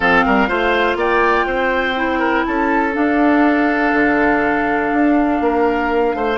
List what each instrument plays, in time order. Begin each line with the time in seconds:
0.00 bassoon F3, clarinet C4, oboe A4, flute F5
0.26 bassoon G3, oboe A#4
0.47 bassoon A3, clarinet F4, oboe C5
0.95 bassoon A#3, oboe D5, flute G5
1.46 bassoon C4, oboe C5
1.95 clarinet E4
2.19 oboe A#4
2.45 bassoon C#4, oboe A4, flute A5
2.92 clarinet D4, bassoon D4, flute F5
3.92 bassoon D3
4.92 bassoon D4
5.40 bassoon A#3, oboe A#4
6.14 bassoon A3, oboe C5